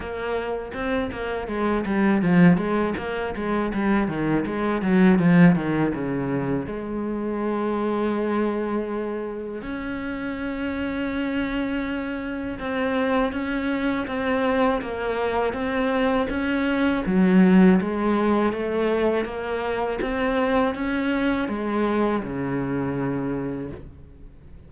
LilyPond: \new Staff \with { instrumentName = "cello" } { \time 4/4 \tempo 4 = 81 ais4 c'8 ais8 gis8 g8 f8 gis8 | ais8 gis8 g8 dis8 gis8 fis8 f8 dis8 | cis4 gis2.~ | gis4 cis'2.~ |
cis'4 c'4 cis'4 c'4 | ais4 c'4 cis'4 fis4 | gis4 a4 ais4 c'4 | cis'4 gis4 cis2 | }